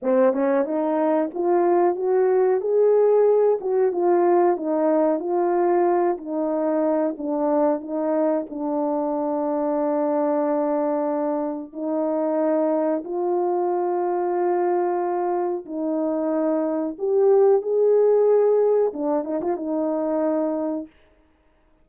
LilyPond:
\new Staff \with { instrumentName = "horn" } { \time 4/4 \tempo 4 = 92 c'8 cis'8 dis'4 f'4 fis'4 | gis'4. fis'8 f'4 dis'4 | f'4. dis'4. d'4 | dis'4 d'2.~ |
d'2 dis'2 | f'1 | dis'2 g'4 gis'4~ | gis'4 d'8 dis'16 f'16 dis'2 | }